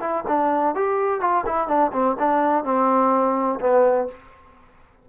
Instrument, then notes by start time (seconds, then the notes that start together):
trombone
0.00 E4
0.28 D4
0.75 G4
1.20 F4
1.46 E4
1.68 D4
1.93 C4
2.19 D4
2.64 C4
3.60 B3